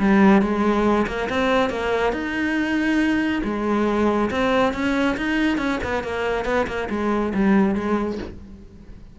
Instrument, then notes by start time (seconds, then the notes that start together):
cello
0.00 G3
0.42 G#3
1.07 A#3
1.30 C4
1.70 A#3
2.13 D#4
3.44 G#3
4.31 C4
4.74 C#4
5.18 D#4
5.58 C#4
5.84 B3
6.04 A#3
6.45 B3
6.67 A#3
6.90 G#3
7.35 G3
7.75 G#3